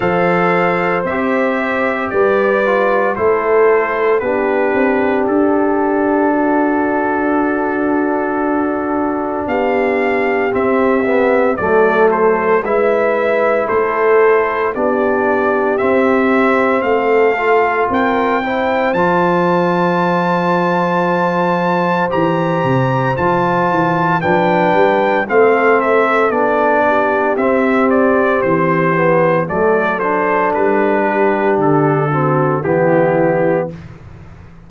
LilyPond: <<
  \new Staff \with { instrumentName = "trumpet" } { \time 4/4 \tempo 4 = 57 f''4 e''4 d''4 c''4 | b'4 a'2.~ | a'4 f''4 e''4 d''8 c''8 | e''4 c''4 d''4 e''4 |
f''4 g''4 a''2~ | a''4 ais''4 a''4 g''4 | f''8 e''8 d''4 e''8 d''8 c''4 | d''8 c''8 b'4 a'4 g'4 | }
  \new Staff \with { instrumentName = "horn" } { \time 4/4 c''2 b'4 a'4 | g'2 fis'2~ | fis'4 g'2 a'4 | b'4 a'4 g'2 |
a'4 ais'8 c''2~ c''8~ | c''2. b'4 | a'4. g'2~ g'8 | a'4. g'4 fis'8 e'4 | }
  \new Staff \with { instrumentName = "trombone" } { \time 4/4 a'4 g'4. f'8 e'4 | d'1~ | d'2 c'8 b8 a4 | e'2 d'4 c'4~ |
c'8 f'4 e'8 f'2~ | f'4 g'4 f'4 d'4 | c'4 d'4 c'4. b8 | a8 d'2 c'8 b4 | }
  \new Staff \with { instrumentName = "tuba" } { \time 4/4 f4 c'4 g4 a4 | b8 c'8 d'2.~ | d'4 b4 c'4 fis4 | gis4 a4 b4 c'4 |
a4 c'4 f2~ | f4 e8 c8 f8 e8 f8 g8 | a4 b4 c'4 e4 | fis4 g4 d4 e4 | }
>>